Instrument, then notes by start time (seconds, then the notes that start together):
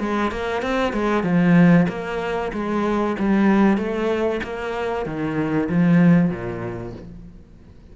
cello
0.00 G#3
0.32 A#3
0.63 C4
0.93 G#3
1.23 F3
1.89 A#3
2.53 G#3
3.19 G3
3.78 A3
4.44 A#3
5.06 D#3
5.69 F3
6.30 A#2